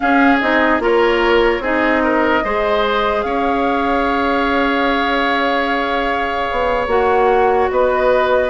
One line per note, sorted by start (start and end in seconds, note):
0.00 0.38 C#4
0.00 0.41 C#4
0.00 0.82 G#4
0.00 0.37 F5
0.40 0.79 C4
0.40 0.80 D#4
0.40 0.81 D#5
0.79 1.59 A#3
0.79 1.61 F4
0.79 1.62 A#4
0.79 1.64 C#5
1.59 2.40 C4
1.59 2.44 D#4
1.59 2.03 G#4
1.59 3.21 D#5
2.03 2.44 A#4
2.44 3.24 G#3
2.44 6.88 G#4
2.44 3.25 C5
3.21 6.48 C#4
3.21 7.71 C#5
3.21 6.86 F5
6.51 6.87 B3
6.87 7.68 A#3
6.87 8.49 F#4
6.87 7.69 F#5
7.70 8.49 B3
7.70 8.49 B4
7.70 8.49 D#5